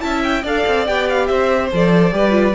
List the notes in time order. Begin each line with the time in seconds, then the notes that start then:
0.00 C#4 E4 E5 A5
0.23 G5
0.43 D4 A4 D5 F5
0.67 C4
0.86 B3 G4 G5
1.09 F5
1.27 C4 C5 E5
1.72 F3 A4 D5
2.12 G3 G4 B4
2.31 F4